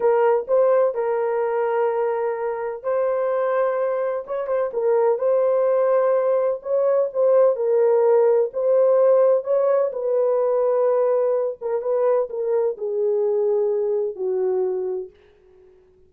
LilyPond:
\new Staff \with { instrumentName = "horn" } { \time 4/4 \tempo 4 = 127 ais'4 c''4 ais'2~ | ais'2 c''2~ | c''4 cis''8 c''8 ais'4 c''4~ | c''2 cis''4 c''4 |
ais'2 c''2 | cis''4 b'2.~ | b'8 ais'8 b'4 ais'4 gis'4~ | gis'2 fis'2 | }